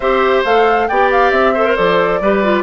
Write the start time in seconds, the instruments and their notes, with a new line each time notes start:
0.00 bassoon C4, clarinet G4, oboe C5, flute E5
0.44 bassoon A3, clarinet A4, flute F5
0.88 bassoon B3, clarinet G4, oboe D5, flute G5
1.11 flute F5
1.31 bassoon C4, flute E5
1.53 clarinet A4, oboe C5
1.65 clarinet A#4
1.75 bassoon F3, clarinet A4, flute D5
2.20 bassoon G3, clarinet G4, oboe B4
2.43 clarinet F4